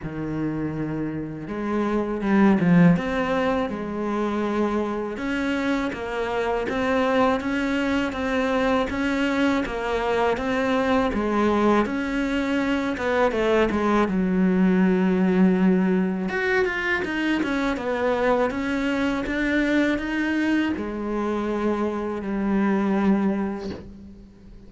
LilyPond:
\new Staff \with { instrumentName = "cello" } { \time 4/4 \tempo 4 = 81 dis2 gis4 g8 f8 | c'4 gis2 cis'4 | ais4 c'4 cis'4 c'4 | cis'4 ais4 c'4 gis4 |
cis'4. b8 a8 gis8 fis4~ | fis2 fis'8 f'8 dis'8 cis'8 | b4 cis'4 d'4 dis'4 | gis2 g2 | }